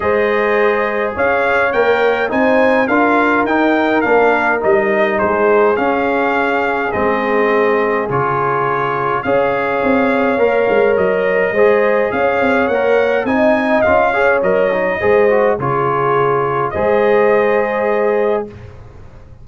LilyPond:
<<
  \new Staff \with { instrumentName = "trumpet" } { \time 4/4 \tempo 4 = 104 dis''2 f''4 g''4 | gis''4 f''4 g''4 f''4 | dis''4 c''4 f''2 | dis''2 cis''2 |
f''2. dis''4~ | dis''4 f''4 fis''4 gis''4 | f''4 dis''2 cis''4~ | cis''4 dis''2. | }
  \new Staff \with { instrumentName = "horn" } { \time 4/4 c''2 cis''2 | c''4 ais'2.~ | ais'4 gis'2.~ | gis'1 |
cis''1 | c''4 cis''2 dis''4~ | dis''8 cis''4. c''4 gis'4~ | gis'4 c''2. | }
  \new Staff \with { instrumentName = "trombone" } { \time 4/4 gis'2. ais'4 | dis'4 f'4 dis'4 d'4 | dis'2 cis'2 | c'2 f'2 |
gis'2 ais'2 | gis'2 ais'4 dis'4 | f'8 gis'8 ais'8 dis'8 gis'8 fis'8 f'4~ | f'4 gis'2. | }
  \new Staff \with { instrumentName = "tuba" } { \time 4/4 gis2 cis'4 ais4 | c'4 d'4 dis'4 ais4 | g4 gis4 cis'2 | gis2 cis2 |
cis'4 c'4 ais8 gis8 fis4 | gis4 cis'8 c'8 ais4 c'4 | cis'4 fis4 gis4 cis4~ | cis4 gis2. | }
>>